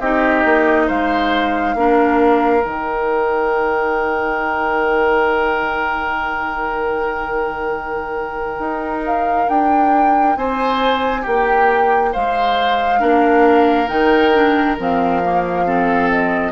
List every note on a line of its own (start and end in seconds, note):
0.00 0.44 C4
0.00 1.77 D#4
0.00 0.87 G4
0.00 0.89 D#5
0.45 0.89 A#3
0.87 1.75 G#3
0.87 1.75 C5
0.87 2.65 F5
1.75 2.63 A#3
1.75 2.62 D4
1.75 10.38 A#4
2.62 8.59 D#3
2.62 12.99 D#4
2.62 9.04 G5
8.59 9.48 D#4
9.06 9.49 F5
9.49 10.37 D4
9.49 10.37 G5
10.37 11.25 C4
10.37 11.22 C5
10.37 11.25 G#5
11.22 12.15 A#3
11.22 12.10 G4
11.22 12.14 G5
12.13 13.02 G#3
12.13 13.00 C5
12.13 13.89 F5
12.99 13.90 A#3
12.99 13.87 D4
12.99 15.65 A#4
13.88 14.78 D#3
13.88 14.32 D#4
13.88 14.77 G5
14.35 14.79 D4
14.79 16.53 F3
14.79 15.23 C4
14.79 16.11 F5
15.25 15.66 A#3
15.66 16.53 C4
15.66 16.53 A4
16.11 16.53 D#5